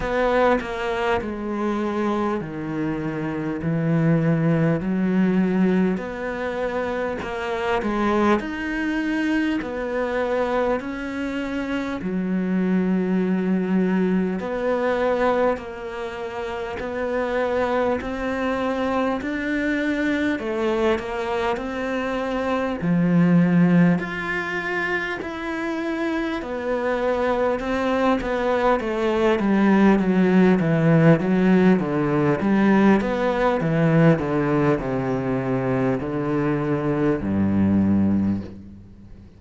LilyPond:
\new Staff \with { instrumentName = "cello" } { \time 4/4 \tempo 4 = 50 b8 ais8 gis4 dis4 e4 | fis4 b4 ais8 gis8 dis'4 | b4 cis'4 fis2 | b4 ais4 b4 c'4 |
d'4 a8 ais8 c'4 f4 | f'4 e'4 b4 c'8 b8 | a8 g8 fis8 e8 fis8 d8 g8 b8 | e8 d8 c4 d4 g,4 | }